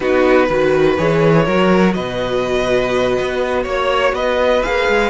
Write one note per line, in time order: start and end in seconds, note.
0.00 0.49 B3
0.00 0.49 D#4
0.00 0.46 F#4
0.00 0.96 B4
0.46 0.98 D#3
0.46 0.97 F#4
0.46 1.44 B4
0.97 1.47 E3
0.97 1.46 G#4
0.97 1.93 C#5
1.45 1.96 F#3
1.45 4.63 F#4
1.45 1.94 A#4
1.93 3.18 B2
1.93 3.63 B4
1.93 3.64 D#5
3.19 3.65 B3
3.63 4.12 A#3
3.63 4.12 C#5
3.63 4.15 C#5
4.12 4.61 B3
4.12 5.10 B4
4.12 4.62 D#5
4.62 4.88 A#3
4.62 5.10 G#4
4.62 5.10 F5
4.88 5.10 G#3